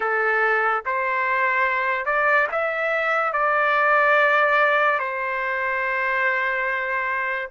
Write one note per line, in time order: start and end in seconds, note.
0.00 0.83 A4
0.85 2.05 C5
2.05 2.47 D5
2.52 3.33 E5
3.33 4.99 D5
4.99 7.49 C5